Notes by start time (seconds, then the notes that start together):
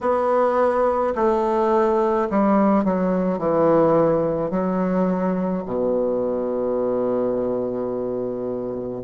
0.01 B3
1.15 A3
2.30 G3
2.84 F#3
3.38 E3
4.50 F#3
5.65 B2